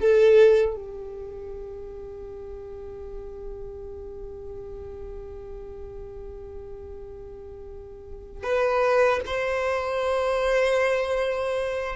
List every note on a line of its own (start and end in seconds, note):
0.00 0.76 A4
0.76 8.44 G4
8.44 9.21 B4
9.27 11.96 C5